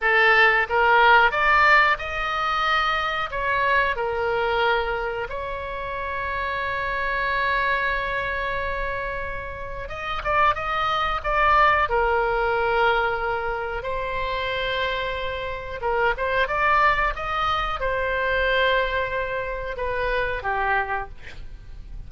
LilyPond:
\new Staff \with { instrumentName = "oboe" } { \time 4/4 \tempo 4 = 91 a'4 ais'4 d''4 dis''4~ | dis''4 cis''4 ais'2 | cis''1~ | cis''2. dis''8 d''8 |
dis''4 d''4 ais'2~ | ais'4 c''2. | ais'8 c''8 d''4 dis''4 c''4~ | c''2 b'4 g'4 | }